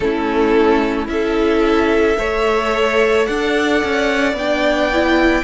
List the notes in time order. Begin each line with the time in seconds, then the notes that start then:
0.00 A3 C#4 E4 A4
1.07 C#4 E4 A4 E5
2.18 A3 A4 C#5
3.25 D4 D5 F#5
3.84 C#4
4.33 B3 D4 G5
4.92 E4